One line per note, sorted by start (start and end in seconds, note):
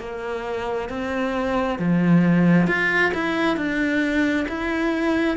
0.00 0.90 A#3
0.90 1.79 C4
1.79 2.67 F3
2.67 3.12 F4
3.14 3.57 E4
3.57 4.47 D4
4.48 5.37 E4